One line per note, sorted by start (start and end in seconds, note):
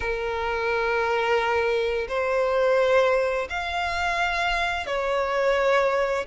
0.00 2.07 A#4
2.08 3.48 C5
3.49 4.86 F5
4.86 6.26 C#5